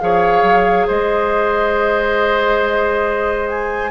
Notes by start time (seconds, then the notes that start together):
0.00 F3 G#4 C#5 F5
0.43 F#3
0.87 G#3 C5 D#5
3.49 G#5